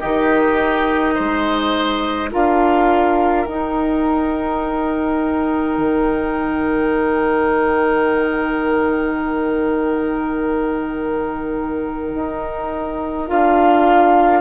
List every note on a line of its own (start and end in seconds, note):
0.00 1.19 D#3
0.00 2.31 D#4
0.00 1.15 G4
0.00 2.31 D#5
1.15 2.34 G#3
1.15 2.30 C5
2.31 3.47 D4
2.31 3.47 F4
2.31 14.41 A#4
2.31 3.46 F5
3.46 5.78 D#4
3.46 13.28 D#4
3.46 13.27 G5
5.78 12.13 D#3
12.15 13.31 D#4
13.28 14.41 D4
13.28 14.41 F4
13.28 14.41 F5